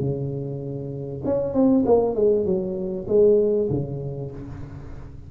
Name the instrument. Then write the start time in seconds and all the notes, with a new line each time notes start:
tuba
0.00 C#3
1.25 C#4
1.54 C4
1.86 A#3
2.15 G#3
2.45 F#3
3.08 G#3
3.70 C#3